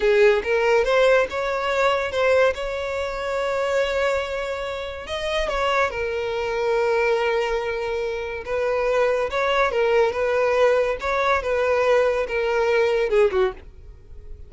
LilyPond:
\new Staff \with { instrumentName = "violin" } { \time 4/4 \tempo 4 = 142 gis'4 ais'4 c''4 cis''4~ | cis''4 c''4 cis''2~ | cis''1 | dis''4 cis''4 ais'2~ |
ais'1 | b'2 cis''4 ais'4 | b'2 cis''4 b'4~ | b'4 ais'2 gis'8 fis'8 | }